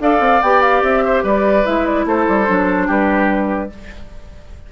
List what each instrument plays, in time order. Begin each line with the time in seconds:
0.00 bassoon D4, clarinet A4, oboe D5, flute F5
0.20 bassoon C4
0.42 bassoon B3, clarinet G4, flute G5
0.62 flute F5
0.82 bassoon C4, flute E5
1.05 oboe C5
1.23 bassoon G3, oboe B4, flute D5
1.64 bassoon G#3, clarinet E4, flute E5
1.86 flute D5
2.05 bassoon A3, oboe A4, flute C5
2.28 bassoon G3
2.46 bassoon F#3, clarinet D4
2.87 bassoon G3, oboe G4, flute B4